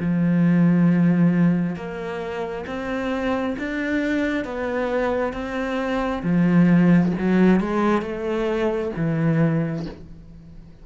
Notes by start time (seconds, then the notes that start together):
0.00 F3
1.76 A#3
2.67 C4
3.59 D4
4.45 B3
5.33 C4
6.24 F3
7.19 F#3
7.61 G#3
8.02 A3
8.97 E3